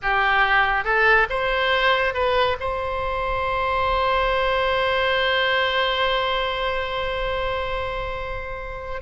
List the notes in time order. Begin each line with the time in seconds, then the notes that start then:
0.02 G4
0.84 A4
1.29 C5
2.14 B4
2.59 C5